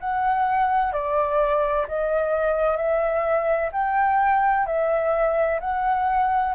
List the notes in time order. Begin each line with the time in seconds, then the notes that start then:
0.00 F#5
0.92 D5
1.88 D#5
2.77 E5
3.72 G5
4.66 E5
5.60 F#5